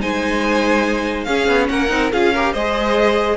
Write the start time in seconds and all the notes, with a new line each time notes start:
0.00 G#3 D#4 C5 G#5
1.24 C#4 G#4 F5
1.47 B3
1.69 A#3 A#4 F#5
1.88 C4 D#4
2.12 C#4 F4 G#4 F5
2.33 G4 A#4
2.52 G#3 G#4 C5 D#5